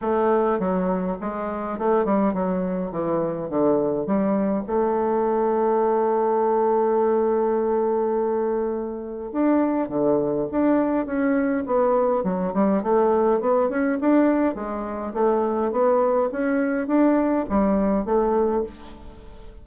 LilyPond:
\new Staff \with { instrumentName = "bassoon" } { \time 4/4 \tempo 4 = 103 a4 fis4 gis4 a8 g8 | fis4 e4 d4 g4 | a1~ | a1 |
d'4 d4 d'4 cis'4 | b4 fis8 g8 a4 b8 cis'8 | d'4 gis4 a4 b4 | cis'4 d'4 g4 a4 | }